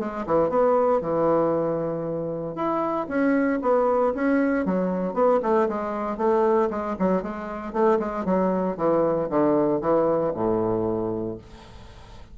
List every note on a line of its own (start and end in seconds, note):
0.00 0.26 G#3
0.27 0.50 E3
0.50 1.01 B3
1.02 2.56 E3
2.56 3.08 E4
3.08 3.60 C#4
3.62 4.14 B3
4.15 4.66 C#4
4.66 5.14 F#3
5.14 5.40 B3
5.43 5.69 A3
5.69 6.18 G#3
6.18 6.70 A3
6.71 6.96 G#3
6.99 7.23 F#3
7.23 7.73 G#3
7.73 7.99 A3
8.00 8.25 G#3
8.25 8.77 F#3
8.77 9.29 E3
9.30 9.82 D3
9.82 10.33 E3
10.35 11.38 A2